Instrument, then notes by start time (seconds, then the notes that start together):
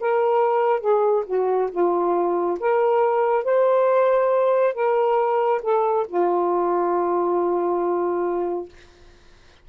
saxophone
0.00 A#4
0.80 G#4
1.26 F#4
1.71 F4
2.59 A#4
3.44 C5
4.74 A#4
5.62 A4
6.07 F4